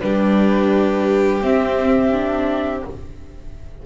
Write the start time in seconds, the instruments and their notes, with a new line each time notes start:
0.00 double bass G3, viola D4, violin G4, flute B4
1.41 double bass C4, viola C4, flute E5
2.12 viola D4